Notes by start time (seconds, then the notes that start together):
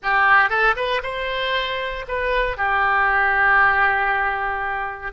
0.02 G4
0.49 A4
0.76 B4
1.03 C5
2.08 B4
2.57 G4